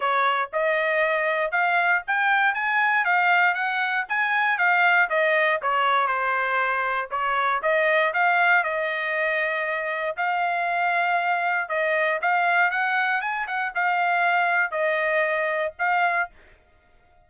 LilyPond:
\new Staff \with { instrumentName = "trumpet" } { \time 4/4 \tempo 4 = 118 cis''4 dis''2 f''4 | g''4 gis''4 f''4 fis''4 | gis''4 f''4 dis''4 cis''4 | c''2 cis''4 dis''4 |
f''4 dis''2. | f''2. dis''4 | f''4 fis''4 gis''8 fis''8 f''4~ | f''4 dis''2 f''4 | }